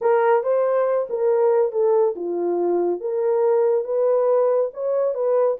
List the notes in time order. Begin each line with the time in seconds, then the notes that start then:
0.01 A#4
0.43 C5
1.09 A#4
1.71 A4
2.15 F4
3.00 A#4
3.84 B4
4.73 C#5
5.14 B4